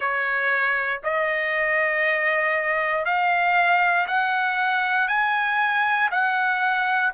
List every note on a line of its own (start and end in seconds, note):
0.00 1.00 C#5
1.04 3.05 D#5
3.05 4.07 F5
4.07 5.08 F#5
5.08 6.09 G#5
6.11 7.12 F#5